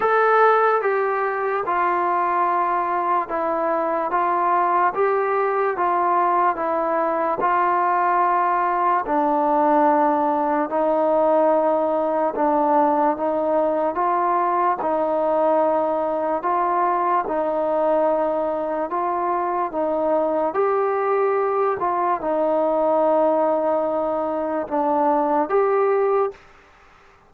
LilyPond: \new Staff \with { instrumentName = "trombone" } { \time 4/4 \tempo 4 = 73 a'4 g'4 f'2 | e'4 f'4 g'4 f'4 | e'4 f'2 d'4~ | d'4 dis'2 d'4 |
dis'4 f'4 dis'2 | f'4 dis'2 f'4 | dis'4 g'4. f'8 dis'4~ | dis'2 d'4 g'4 | }